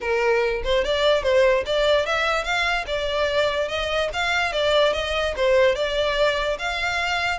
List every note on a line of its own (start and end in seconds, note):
0.00 0.62 A#4
0.64 0.84 C5
0.84 1.22 D5
1.22 1.63 C5
1.66 2.05 D5
2.05 2.43 E5
2.43 2.84 F5
2.87 3.68 D5
3.68 4.09 D#5
4.13 4.52 F5
4.52 4.93 D5
4.93 5.34 D#5
5.36 5.75 C5
5.75 6.57 D5
6.59 7.39 F5